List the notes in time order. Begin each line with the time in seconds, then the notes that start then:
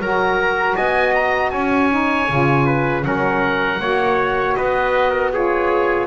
0.00 F#3 F#4 A#4 A#5
0.76 B3 D#5 G#5
1.15 A#5
1.51 C#4 C#5 G#5
1.90 D#4
2.30 C#3 F4
2.66 B4
3.02 F#3 C#4 A#4 F#5
3.80 A#3 F#4 C#5
4.55 B3 B4 D#5
5.11 A#4
5.33 F4 G#4 C#5